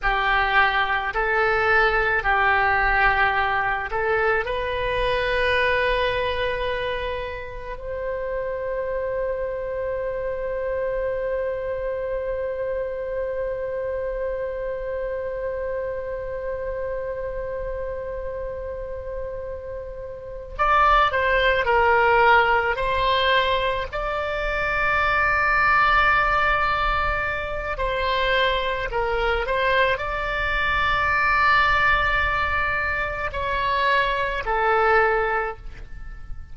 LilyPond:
\new Staff \with { instrumentName = "oboe" } { \time 4/4 \tempo 4 = 54 g'4 a'4 g'4. a'8 | b'2. c''4~ | c''1~ | c''1~ |
c''2~ c''8 d''8 c''8 ais'8~ | ais'8 c''4 d''2~ d''8~ | d''4 c''4 ais'8 c''8 d''4~ | d''2 cis''4 a'4 | }